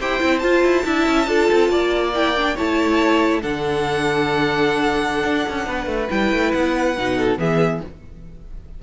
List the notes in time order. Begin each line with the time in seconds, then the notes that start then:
0.00 E4 G4 C5 G5
0.20 C4 E4
0.39 F4 A5
0.64 E4
0.86 D4 E4 E5
1.07 C#4
1.26 D4 F4 A4
1.52 C4
1.69 A#3 D5
2.14 E4 G5
2.37 D4
2.55 A3 E4 C#5 A5
3.42 D3 D4 A4 F#5
5.24 D4
5.49 C#4
5.67 B3 B4
5.87 A3
6.10 G3 E4 G5
6.32 A3
6.52 B3 F#5
6.98 B2 D#4
7.18 A4
7.38 E3 B3 G#4 E5